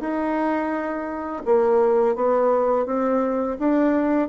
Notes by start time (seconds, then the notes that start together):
0.00 D#4
1.45 A#3
2.15 B3
2.86 C4
3.59 D4